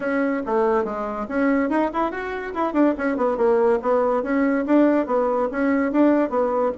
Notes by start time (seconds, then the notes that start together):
0.00 C#4
0.46 A3
0.84 G#3
1.28 C#4
1.69 D#4
1.93 E4
2.11 F#4
2.54 E4
2.73 D4
2.97 C#4
3.16 B3
3.37 A#3
3.82 B3
4.23 C#4
4.66 D4
5.06 B3
5.51 C#4
5.92 D4
6.29 B3